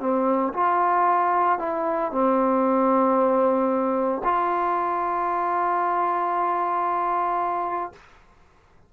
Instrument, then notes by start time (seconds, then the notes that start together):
trombone
0.00 C4
0.54 F4
1.59 E4
2.11 C4
4.24 F4